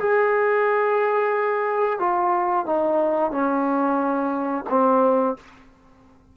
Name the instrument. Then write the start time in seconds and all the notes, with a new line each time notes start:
trombone
0.00 G#4
2.00 F4
2.66 D#4
3.32 C#4
4.70 C4